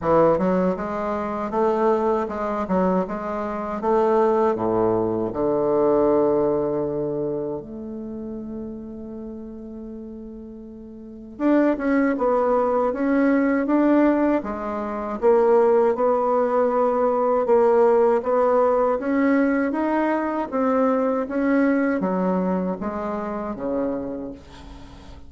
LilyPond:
\new Staff \with { instrumentName = "bassoon" } { \time 4/4 \tempo 4 = 79 e8 fis8 gis4 a4 gis8 fis8 | gis4 a4 a,4 d4~ | d2 a2~ | a2. d'8 cis'8 |
b4 cis'4 d'4 gis4 | ais4 b2 ais4 | b4 cis'4 dis'4 c'4 | cis'4 fis4 gis4 cis4 | }